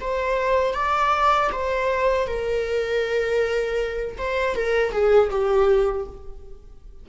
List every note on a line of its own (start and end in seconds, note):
0.00 0.74 C5
0.74 1.50 D5
1.52 2.27 C5
2.27 4.17 A#4
4.18 4.55 C5
4.55 4.92 A#4
4.92 5.30 G#4
5.30 6.06 G4